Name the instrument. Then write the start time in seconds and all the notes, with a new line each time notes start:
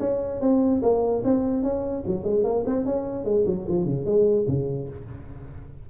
tuba
0.00 C#4
0.41 C4
0.82 A#3
1.24 C4
1.63 C#4
2.07 F#3
2.24 G#3
2.44 A#3
2.67 C4
2.86 C#4
3.25 G#3
3.47 F#3
3.68 F3
3.85 C#3
4.06 G#3
4.48 C#3